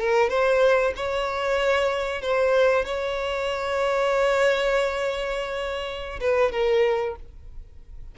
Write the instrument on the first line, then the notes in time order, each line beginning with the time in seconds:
violin
0.00 A#4
0.30 C5
0.96 C#5
2.22 C5
2.85 C#5
6.20 B4
6.52 A#4